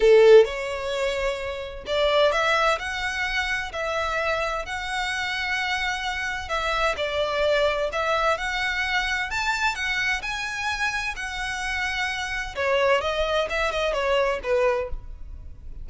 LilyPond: \new Staff \with { instrumentName = "violin" } { \time 4/4 \tempo 4 = 129 a'4 cis''2. | d''4 e''4 fis''2 | e''2 fis''2~ | fis''2 e''4 d''4~ |
d''4 e''4 fis''2 | a''4 fis''4 gis''2 | fis''2. cis''4 | dis''4 e''8 dis''8 cis''4 b'4 | }